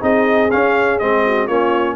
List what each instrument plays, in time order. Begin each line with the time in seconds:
0.00 tuba C4, trombone D#4, horn G#4, trumpet D#5
0.51 trombone C#4, tuba C#4, trumpet F5
0.98 tuba G#3, trombone C4, trumpet D#5
1.26 horn F#4
1.46 tuba A#3, trombone C#4, horn F4, trumpet C#5